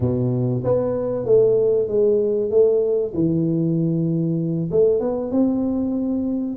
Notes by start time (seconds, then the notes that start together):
0.00 B2
0.63 B3
1.25 A3
1.88 G#3
2.50 A3
3.14 E3
4.71 A3
5.00 B3
5.31 C4